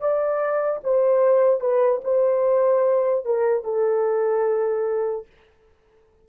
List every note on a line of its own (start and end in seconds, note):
0.00 0.81 D5
0.84 1.61 C5
1.61 2.01 B4
2.04 3.25 C5
3.25 3.64 A#4
3.64 5.26 A4